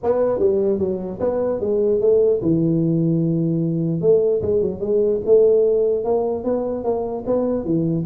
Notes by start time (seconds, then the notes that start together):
0.03 B3
0.39 G3
0.78 F#3
1.20 B3
1.60 G#3
2.00 A3
2.42 E3
4.01 A3
4.41 G#3
4.61 F#3
4.80 G#3
5.25 A3
6.04 A#3
6.44 B3
6.83 A#3
7.26 B3
7.64 E3